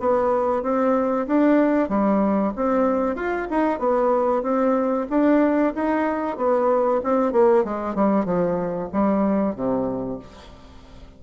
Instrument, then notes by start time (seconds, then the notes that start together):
bassoon
0.00 B3
0.63 C4
1.28 D4
1.89 G3
2.56 C4
3.16 F4
3.51 D#4
3.79 B3
4.43 C4
5.10 D4
5.75 D#4
6.37 B3
7.04 C4
7.33 A#3
7.65 G#3
7.95 G3
8.25 F3
8.93 G3
9.56 C3